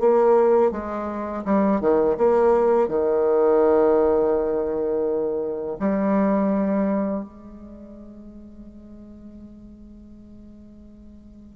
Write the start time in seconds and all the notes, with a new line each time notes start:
0.00 A#3
0.72 G#3
1.45 G3
1.80 D#3
2.18 A#3
2.88 D#3
5.80 G3
7.23 G#3